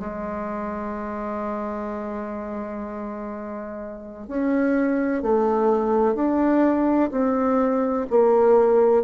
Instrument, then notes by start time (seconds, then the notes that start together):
bassoon
0.00 G#3
4.28 C#4
5.23 A3
6.15 D4
7.12 C4
8.11 A#3